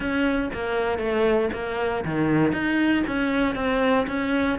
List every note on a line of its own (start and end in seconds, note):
0.00 0.50 C#4
0.53 0.98 A#3
0.98 1.49 A3
1.53 2.04 A#3
2.05 2.52 D#3
2.52 3.03 D#4
3.07 3.55 C#4
3.55 4.06 C4
4.07 4.58 C#4